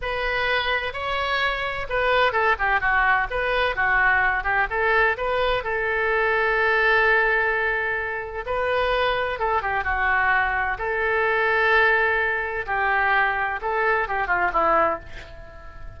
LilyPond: \new Staff \with { instrumentName = "oboe" } { \time 4/4 \tempo 4 = 128 b'2 cis''2 | b'4 a'8 g'8 fis'4 b'4 | fis'4. g'8 a'4 b'4 | a'1~ |
a'2 b'2 | a'8 g'8 fis'2 a'4~ | a'2. g'4~ | g'4 a'4 g'8 f'8 e'4 | }